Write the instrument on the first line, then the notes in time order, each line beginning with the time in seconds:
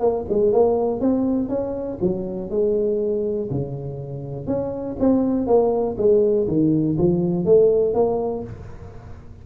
tuba
0.00 A#3
0.30 G#3
0.52 A#3
1.00 C4
1.49 C#4
2.02 F#3
2.50 G#3
3.50 C#3
4.47 C#4
5.00 C4
5.47 A#3
5.98 G#3
6.48 D#3
6.98 F3
7.45 A3
7.94 A#3